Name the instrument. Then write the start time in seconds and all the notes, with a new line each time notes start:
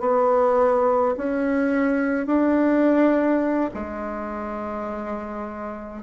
bassoon
0.00 B3
1.17 C#4
2.27 D4
3.74 G#3